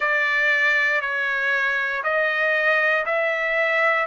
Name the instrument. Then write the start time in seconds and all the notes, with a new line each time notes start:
trumpet
0.00 D5
1.01 C#5
2.03 D#5
3.05 E5